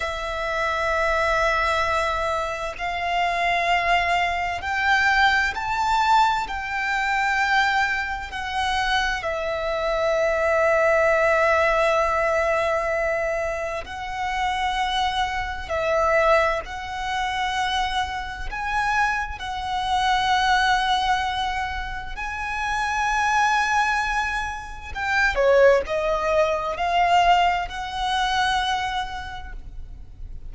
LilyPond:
\new Staff \with { instrumentName = "violin" } { \time 4/4 \tempo 4 = 65 e''2. f''4~ | f''4 g''4 a''4 g''4~ | g''4 fis''4 e''2~ | e''2. fis''4~ |
fis''4 e''4 fis''2 | gis''4 fis''2. | gis''2. g''8 cis''8 | dis''4 f''4 fis''2 | }